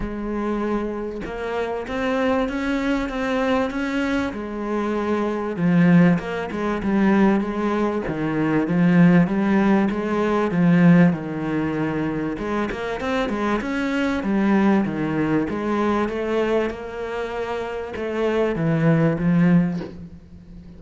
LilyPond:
\new Staff \with { instrumentName = "cello" } { \time 4/4 \tempo 4 = 97 gis2 ais4 c'4 | cis'4 c'4 cis'4 gis4~ | gis4 f4 ais8 gis8 g4 | gis4 dis4 f4 g4 |
gis4 f4 dis2 | gis8 ais8 c'8 gis8 cis'4 g4 | dis4 gis4 a4 ais4~ | ais4 a4 e4 f4 | }